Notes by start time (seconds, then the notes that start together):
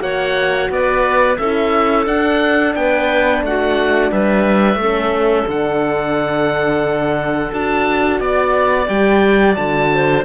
0.00 A#3 F#4 C#5 F#5
0.70 B3 B4 D5
1.38 C#4 E4 A4 E5
2.06 D4 F#5
2.75 B3 B4 G5
3.43 A3 F#4 F#5
4.12 G3 B4 E5
4.75 A3 A4
4.82 C#4
5.48 D3 D4 F#5
7.53 D4 F#4 A5
8.20 B3 D5
8.88 G3 G4 G5
9.56 D3 F#4 A5
9.94 C5